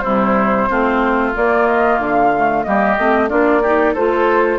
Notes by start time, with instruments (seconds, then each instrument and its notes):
0.00 bassoon C3, clarinet G3, oboe E4, flute C5
0.70 bassoon A3, clarinet C4, oboe F4
1.34 clarinet A#3, bassoon A#3, flute D5
1.67 flute D#5
1.99 bassoon D3, flute F5
2.37 clarinet A3
2.63 bassoon G3, clarinet A#3, oboe G4, flute D#5
2.98 bassoon A3, clarinet C4
3.29 bassoon A#3, clarinet D4, oboe F4, flute D5
3.62 clarinet D#4, oboe G4
3.93 bassoon A3, clarinet F4, oboe A4, flute C5